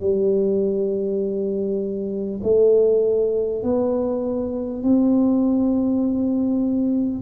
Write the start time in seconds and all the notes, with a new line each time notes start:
0.00 G3
2.43 A3
3.63 B3
4.83 C4